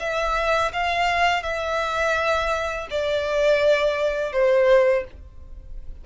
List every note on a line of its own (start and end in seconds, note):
0.00 0.72 E5
0.73 1.43 F5
1.43 2.88 E5
2.91 4.33 D5
4.33 5.05 C5